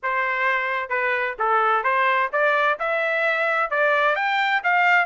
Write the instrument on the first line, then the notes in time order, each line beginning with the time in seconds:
trumpet
0.03 C5
0.89 B4
1.38 A4
1.83 C5
2.32 D5
2.79 E5
3.70 D5
4.15 G5
4.63 F5